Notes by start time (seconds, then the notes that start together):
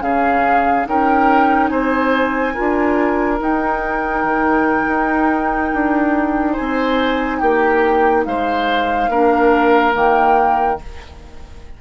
0.00 C#3 C#4 G#4 F5
0.85 C#4 D#4 A#4 G5
1.68 C4 C5 G#5
2.54 D4 F4 A#4
3.38 D#4 G5
4.24 D#3
4.86 D#4
5.73 D4
6.52 C5 G#5
6.59 C4
7.39 A#3 G4 G5
8.25 G#3 C5 F5
9.08 A#3 D4 A#4
9.92 D#3 A#3 G5